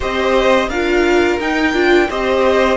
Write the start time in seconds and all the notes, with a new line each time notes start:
0.00 C4 G4 C5 D#5
0.68 D4 F4 A#4 F5
1.40 D#4 G5
1.73 D4 F4
2.09 C4 G4 C5 D#5